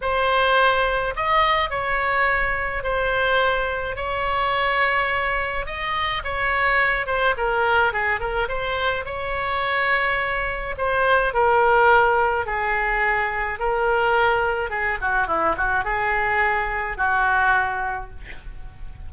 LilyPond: \new Staff \with { instrumentName = "oboe" } { \time 4/4 \tempo 4 = 106 c''2 dis''4 cis''4~ | cis''4 c''2 cis''4~ | cis''2 dis''4 cis''4~ | cis''8 c''8 ais'4 gis'8 ais'8 c''4 |
cis''2. c''4 | ais'2 gis'2 | ais'2 gis'8 fis'8 e'8 fis'8 | gis'2 fis'2 | }